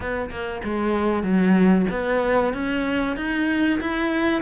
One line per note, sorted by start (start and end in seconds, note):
0.00 0.30 B3
0.30 0.61 A#3
0.64 1.23 G#3
1.23 1.86 F#3
1.90 2.53 B3
2.53 3.16 C#4
3.16 3.79 D#4
3.80 4.41 E4